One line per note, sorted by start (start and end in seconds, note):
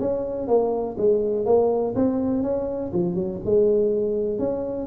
0.00 0.48 C#4
0.48 0.97 A#3
0.98 1.46 G#3
1.46 1.95 A#3
1.95 2.43 C4
2.43 2.92 C#4
2.94 3.15 F3
3.15 3.39 F#3
3.45 4.39 G#3
4.39 4.88 C#4